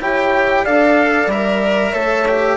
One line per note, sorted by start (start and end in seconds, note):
0.00 0.66 E4
0.00 0.66 G4
0.00 0.64 C#5
0.00 0.65 G5
0.64 1.27 D4
0.64 1.31 A4
0.64 1.91 D5
0.64 1.30 F5
1.27 1.92 G3
1.27 1.94 A#4
1.27 2.58 E5
1.91 2.58 A3
1.91 2.26 A4
1.91 2.56 C#5
2.28 2.58 G4